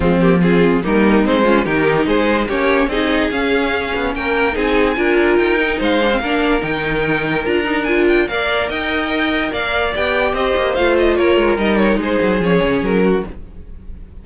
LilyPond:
<<
  \new Staff \with { instrumentName = "violin" } { \time 4/4 \tempo 4 = 145 f'8 g'8 gis'4 ais'4 c''4 | ais'4 c''4 cis''4 dis''4 | f''2 g''4 gis''4~ | gis''4 g''4 f''2 |
g''2 ais''4 gis''8 g''8 | f''4 g''2 f''4 | g''4 dis''4 f''8 dis''8 cis''4 | dis''8 cis''8 c''4 cis''4 ais'4 | }
  \new Staff \with { instrumentName = "violin" } { \time 4/4 c'4 f'4 dis'4. f'8 | g'4 gis'4 g'4 gis'4~ | gis'2 ais'4 gis'4 | ais'2 c''4 ais'4~ |
ais'1 | d''4 dis''2 d''4~ | d''4 c''2 ais'4~ | ais'4 gis'2~ gis'8 fis'8 | }
  \new Staff \with { instrumentName = "viola" } { \time 4/4 gis8 ais8 c'4 ais4 c'8 cis'8 | dis'2 cis'4 dis'4 | cis'2. dis'4 | f'4. dis'4 d'16 c'16 d'4 |
dis'2 f'8 dis'8 f'4 | ais'1 | g'2 f'2 | dis'2 cis'2 | }
  \new Staff \with { instrumentName = "cello" } { \time 4/4 f2 g4 gis4 | dis4 gis4 ais4 c'4 | cis'4. b8 ais4 c'4 | d'4 dis'4 gis4 ais4 |
dis2 d'2 | ais4 dis'2 ais4 | b4 c'8 ais8 a4 ais8 gis8 | g4 gis8 fis8 f8 cis8 fis4 | }
>>